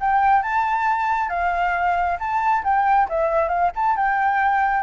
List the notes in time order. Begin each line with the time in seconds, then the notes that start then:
0.00 G5
0.43 A5
1.29 F5
2.19 A5
2.64 G5
3.09 E5
3.49 F5
3.75 A5
3.96 G5